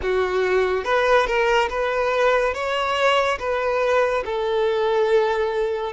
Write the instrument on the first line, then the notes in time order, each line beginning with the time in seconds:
violin
0.02 F#4
0.84 B4
1.26 A#4
1.69 B4
2.54 C#5
3.39 B4
4.25 A4